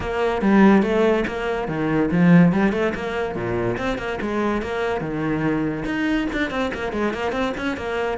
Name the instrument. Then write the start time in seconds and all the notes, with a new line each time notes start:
cello
0.00 A#3
0.41 G3
0.82 A3
1.27 A#3
1.68 D#3
2.11 F3
2.52 G3
2.72 A3
2.94 A#3
3.35 A#2
3.77 C4
3.97 A#3
4.21 G#3
4.62 A#3
5.00 D#3
5.85 D#4
6.32 D4
6.50 C4
6.73 A#3
6.92 G#3
7.13 A#3
7.31 C4
7.57 C#4
7.76 A#3